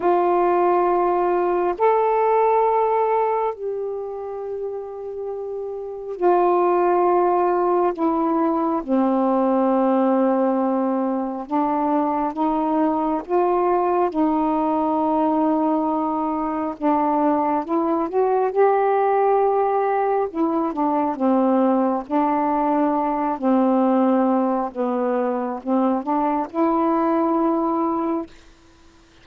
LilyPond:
\new Staff \with { instrumentName = "saxophone" } { \time 4/4 \tempo 4 = 68 f'2 a'2 | g'2. f'4~ | f'4 e'4 c'2~ | c'4 d'4 dis'4 f'4 |
dis'2. d'4 | e'8 fis'8 g'2 e'8 d'8 | c'4 d'4. c'4. | b4 c'8 d'8 e'2 | }